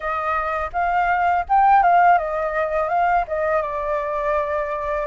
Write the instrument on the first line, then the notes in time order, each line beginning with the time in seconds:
flute
0.00 D#5
0.73 F5
1.49 G5
1.82 F5
2.18 D#5
2.88 F5
3.27 D#5
3.61 D5